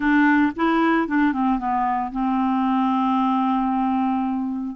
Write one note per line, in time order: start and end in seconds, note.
0.00 0.52 D4
0.56 1.07 E4
1.07 1.33 D4
1.33 1.58 C4
1.58 2.11 B3
2.11 4.76 C4